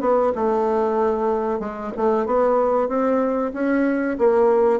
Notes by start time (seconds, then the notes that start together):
0.00 B3
0.35 A3
1.59 G#3
1.96 A3
2.25 B3
2.88 C4
3.53 C#4
4.18 A#3